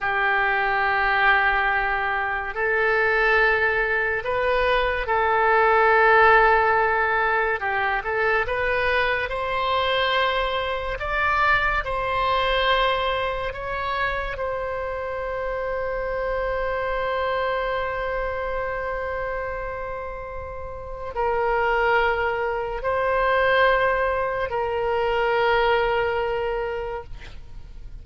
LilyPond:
\new Staff \with { instrumentName = "oboe" } { \time 4/4 \tempo 4 = 71 g'2. a'4~ | a'4 b'4 a'2~ | a'4 g'8 a'8 b'4 c''4~ | c''4 d''4 c''2 |
cis''4 c''2.~ | c''1~ | c''4 ais'2 c''4~ | c''4 ais'2. | }